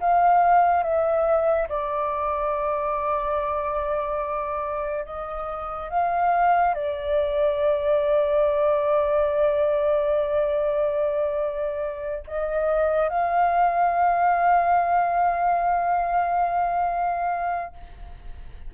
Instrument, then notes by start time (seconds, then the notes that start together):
flute
0.00 F5
0.83 E5
1.69 D5
5.05 D#5
5.90 F5
6.74 D5
12.27 D#5
13.09 F5